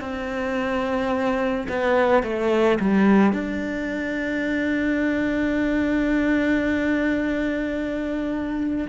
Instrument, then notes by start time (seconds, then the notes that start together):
cello
0.00 C4
1.68 B3
2.23 A3
2.79 G3
3.32 D4